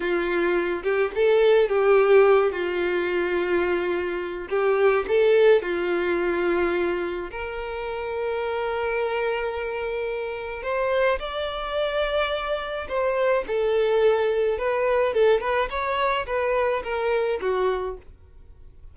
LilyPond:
\new Staff \with { instrumentName = "violin" } { \time 4/4 \tempo 4 = 107 f'4. g'8 a'4 g'4~ | g'8 f'2.~ f'8 | g'4 a'4 f'2~ | f'4 ais'2.~ |
ais'2. c''4 | d''2. c''4 | a'2 b'4 a'8 b'8 | cis''4 b'4 ais'4 fis'4 | }